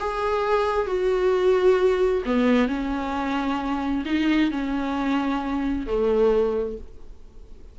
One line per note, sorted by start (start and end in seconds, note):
0.00 0.87 G#4
0.87 2.23 F#4
2.26 2.68 B3
2.68 4.04 C#4
4.06 4.51 D#4
4.51 5.87 C#4
5.87 6.78 A3